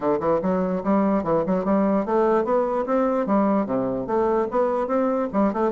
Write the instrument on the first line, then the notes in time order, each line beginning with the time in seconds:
bassoon
0.00 D3
0.20 E3
0.42 F#3
0.83 G3
1.23 E3
1.46 F#3
1.64 G3
2.05 A3
2.44 B3
2.86 C4
3.26 G3
3.65 C3
4.06 A3
4.50 B3
4.87 C4
5.32 G3
5.53 A3